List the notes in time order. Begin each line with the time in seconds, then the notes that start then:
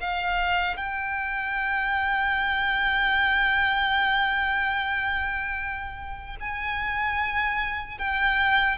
0.00 F5
0.76 G5
6.40 G#5
7.98 G5